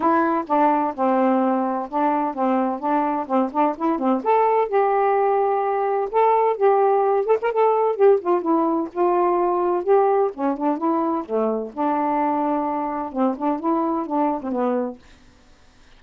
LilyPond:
\new Staff \with { instrumentName = "saxophone" } { \time 4/4 \tempo 4 = 128 e'4 d'4 c'2 | d'4 c'4 d'4 c'8 d'8 | e'8 c'8 a'4 g'2~ | g'4 a'4 g'4. a'16 ais'16 |
a'4 g'8 f'8 e'4 f'4~ | f'4 g'4 cis'8 d'8 e'4 | a4 d'2. | c'8 d'8 e'4 d'8. c'16 b4 | }